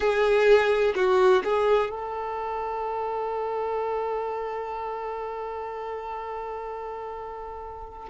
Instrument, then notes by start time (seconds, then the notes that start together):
violin
0.00 G#4
0.95 F#4
1.43 G#4
1.90 A4